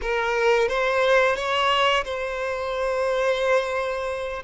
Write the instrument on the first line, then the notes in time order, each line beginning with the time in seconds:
violin
0.01 A#4
0.68 C5
1.35 C#5
2.04 C5